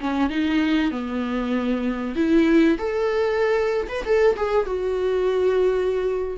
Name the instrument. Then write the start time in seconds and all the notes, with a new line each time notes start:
viola
0.00 C#4
0.29 D#4
0.91 B3
2.15 E4
2.78 A4
3.88 B4
4.04 A4
4.36 G#4
4.66 F#4